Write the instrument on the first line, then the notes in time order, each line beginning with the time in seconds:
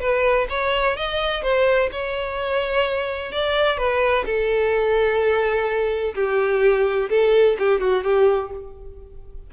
violin
0.00 B4
0.49 C#5
0.96 D#5
1.43 C5
1.92 C#5
3.32 D5
3.78 B4
4.26 A4
6.15 G4
7.10 A4
7.59 G4
7.80 F#4
8.04 G4